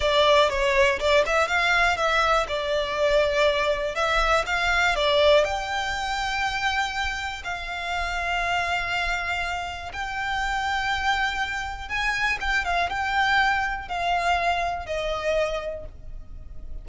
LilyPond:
\new Staff \with { instrumentName = "violin" } { \time 4/4 \tempo 4 = 121 d''4 cis''4 d''8 e''8 f''4 | e''4 d''2. | e''4 f''4 d''4 g''4~ | g''2. f''4~ |
f''1 | g''1 | gis''4 g''8 f''8 g''2 | f''2 dis''2 | }